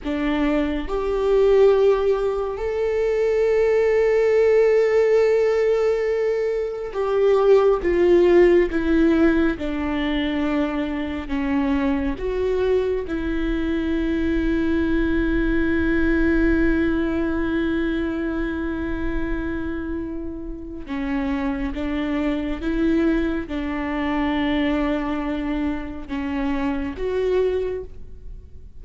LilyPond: \new Staff \with { instrumentName = "viola" } { \time 4/4 \tempo 4 = 69 d'4 g'2 a'4~ | a'1 | g'4 f'4 e'4 d'4~ | d'4 cis'4 fis'4 e'4~ |
e'1~ | e'1 | cis'4 d'4 e'4 d'4~ | d'2 cis'4 fis'4 | }